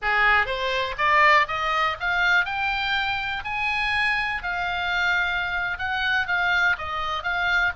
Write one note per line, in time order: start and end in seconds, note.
0.01 0.46 G#4
0.46 0.95 C5
0.98 1.47 D5
1.47 1.96 D#5
2.00 2.45 F5
2.45 3.43 G5
3.44 4.42 G#5
4.43 5.78 F5
5.78 6.27 F#5
6.27 6.76 F5
6.78 7.23 D#5
7.23 7.72 F5